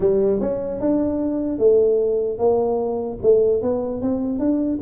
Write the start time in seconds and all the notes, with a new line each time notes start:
0.00 G3
0.40 C#4
0.80 D4
1.58 A3
2.38 A#3
3.22 A3
3.62 B3
4.01 C4
4.39 D4